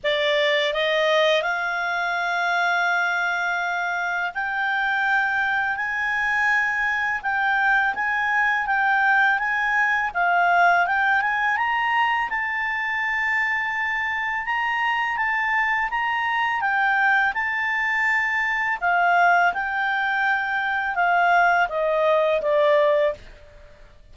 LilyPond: \new Staff \with { instrumentName = "clarinet" } { \time 4/4 \tempo 4 = 83 d''4 dis''4 f''2~ | f''2 g''2 | gis''2 g''4 gis''4 | g''4 gis''4 f''4 g''8 gis''8 |
ais''4 a''2. | ais''4 a''4 ais''4 g''4 | a''2 f''4 g''4~ | g''4 f''4 dis''4 d''4 | }